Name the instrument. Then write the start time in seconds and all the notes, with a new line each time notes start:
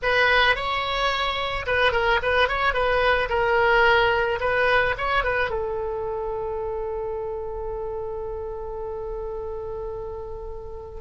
oboe
0.02 B4
0.55 C#5
1.66 B4
1.92 A#4
2.22 B4
2.48 C#5
2.73 B4
3.29 A#4
4.40 B4
4.97 C#5
5.23 B4
5.50 A4